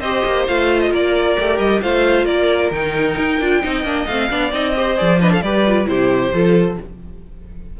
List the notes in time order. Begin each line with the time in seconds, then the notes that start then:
0.00 C4 G4 C5 D#5
0.25 A#3
0.47 A3 F4 F5
0.81 D#5
0.91 A#3 A#4 D5
1.39 A3 G4
1.59 G3 D#5
1.81 A3 F4 C5 F5
2.25 A#3 A#4 D5
2.71 D#3 D#4 G5
3.18 D#4
3.40 D4 F4
3.62 C4 D#4 D#5
3.83 A#3 D4
4.06 A3 C4 F5
4.30 B3 D4 D5
4.52 C4 D#4 D#5
4.76 G4 C5
4.97 F3 G#4 D5
5.20 D4 B4 D#5
5.32 A4 F5
5.42 G3 G4 B4 D5
5.67 F4
5.86 C3 E4 G4 C5
6.32 F3 F4 A4